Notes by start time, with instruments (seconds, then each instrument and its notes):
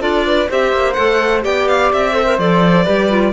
0.00 cello D4, clarinet F4, flute A4, violin D5
0.26 flute B4
0.50 cello C4, clarinet G4, flute C5, violin E5
0.73 cello A#3
0.94 cello A3, clarinet A4, violin F#5
1.42 cello B3, clarinet G4, flute D5, violin G5
1.68 violin F5
1.93 cello C4, violin E5
2.13 clarinet A4, flute C5
2.26 clarinet A#4
2.39 cello F3, clarinet A4, violin D5
2.85 cello G3, clarinet G4, flute B4
3.10 clarinet F4